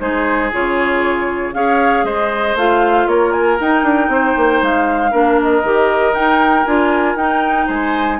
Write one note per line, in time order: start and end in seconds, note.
0.00 0.52 G#3
0.00 0.51 D#4
0.00 1.55 G#4
0.00 0.52 C5
0.53 1.54 C#3
0.53 1.54 F4
0.53 1.54 C#5
1.54 2.04 C#4
1.54 2.56 G#4
1.54 2.05 C#5
1.54 2.05 F5
2.04 2.55 G#3
2.04 3.08 C5
2.04 2.56 D#5
2.55 3.07 A3
2.55 3.60 F4
2.55 3.08 F5
3.07 3.58 A#3
3.07 4.12 A#4
3.07 3.32 C#5
3.32 3.58 G#5
3.60 5.12 D#4
3.60 3.83 D#4
3.60 4.64 G5
3.83 4.09 D4
4.09 4.34 C4
4.09 5.11 C5
4.37 4.62 A#3
4.62 5.13 G#3
4.62 5.41 F5
5.11 5.63 A#3
5.11 5.63 D4
5.11 7.67 A#4
5.43 6.15 D#5
5.63 6.14 D#3
5.63 6.14 G4
6.14 6.65 D#4
6.14 6.66 D#4
6.14 6.65 G5
6.65 7.15 D4
6.65 7.18 F4
6.65 7.17 G#5
7.15 7.67 D#4
7.15 8.20 D#4
7.15 7.68 G5
7.67 8.20 G#3
7.67 8.18 C5
7.67 8.20 G#5